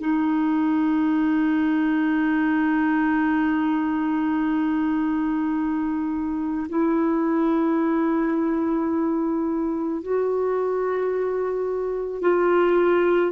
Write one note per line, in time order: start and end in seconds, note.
0.00 6.67 D#4
6.69 10.03 E4
10.03 12.21 F#4
12.21 13.32 F4